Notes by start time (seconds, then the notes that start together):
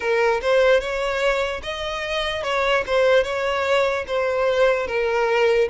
0.00 A#4
0.41 C5
0.80 C#5
1.63 D#5
2.43 C#5
2.86 C5
3.23 C#5
4.07 C5
4.87 A#4